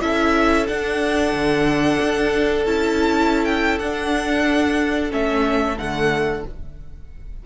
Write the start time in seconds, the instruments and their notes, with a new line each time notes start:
0.00 cello C#4, viola E4, violin A4 E5
0.67 viola D4, cello D4, violin F#5
1.32 cello D3
2.01 cello D4
2.65 cello C#4, viola E4, violin A5
3.45 violin G5
3.79 cello D4, viola D4, violin F#5
5.09 cello A3, viola C#4, violin E5
5.78 cello D3, viola A3, violin F#5